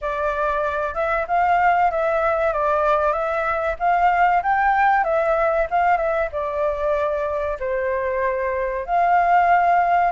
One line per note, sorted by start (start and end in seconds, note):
0.01 0.94 D5
0.94 1.25 E5
1.27 1.90 F5
1.90 2.52 E5
2.52 3.12 D5
3.12 3.76 E5
3.79 4.42 F5
4.42 5.04 G5
5.04 5.67 E5
5.70 5.97 F5
5.97 6.28 E5
6.32 7.58 D5
7.59 8.85 C5
8.85 10.11 F5